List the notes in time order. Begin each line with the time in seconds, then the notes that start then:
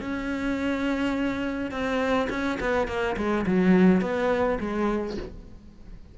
0.00 C#4
1.71 C4
2.29 C#4
2.59 B3
2.87 A#3
3.16 G#3
3.46 F#3
4.01 B3
4.60 G#3